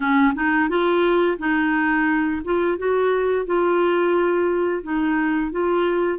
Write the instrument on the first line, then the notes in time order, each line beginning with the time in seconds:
clarinet
0.00 C#4
0.34 D#4
0.69 F4
1.38 D#4
2.44 F4
2.78 F#4
3.46 F4
4.83 D#4
5.51 F4